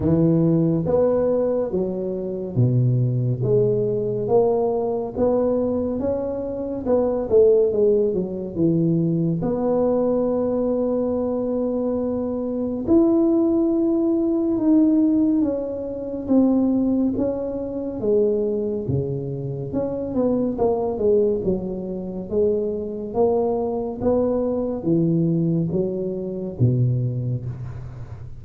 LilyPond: \new Staff \with { instrumentName = "tuba" } { \time 4/4 \tempo 4 = 70 e4 b4 fis4 b,4 | gis4 ais4 b4 cis'4 | b8 a8 gis8 fis8 e4 b4~ | b2. e'4~ |
e'4 dis'4 cis'4 c'4 | cis'4 gis4 cis4 cis'8 b8 | ais8 gis8 fis4 gis4 ais4 | b4 e4 fis4 b,4 | }